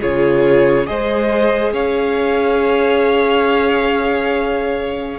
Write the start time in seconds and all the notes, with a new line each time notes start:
0.00 C#3 F4 G#4 C#5
0.86 G#3 G#4 C5 D#5
1.73 C#4 C#5 F5